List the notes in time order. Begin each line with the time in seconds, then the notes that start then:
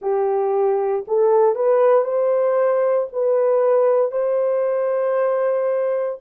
0.01 G4
1.07 A4
1.55 B4
2.04 C5
3.12 B4
4.11 C5